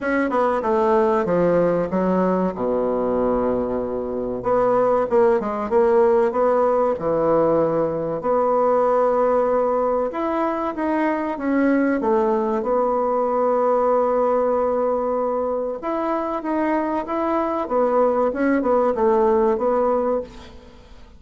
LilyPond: \new Staff \with { instrumentName = "bassoon" } { \time 4/4 \tempo 4 = 95 cis'8 b8 a4 f4 fis4 | b,2. b4 | ais8 gis8 ais4 b4 e4~ | e4 b2. |
e'4 dis'4 cis'4 a4 | b1~ | b4 e'4 dis'4 e'4 | b4 cis'8 b8 a4 b4 | }